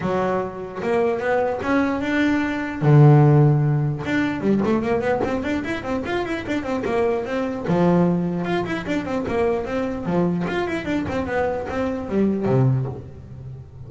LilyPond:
\new Staff \with { instrumentName = "double bass" } { \time 4/4 \tempo 4 = 149 fis2 ais4 b4 | cis'4 d'2 d4~ | d2 d'4 g8 a8 | ais8 b8 c'8 d'8 e'8 c'8 f'8 e'8 |
d'8 c'8 ais4 c'4 f4~ | f4 f'8 e'8 d'8 c'8 ais4 | c'4 f4 f'8 e'8 d'8 c'8 | b4 c'4 g4 c4 | }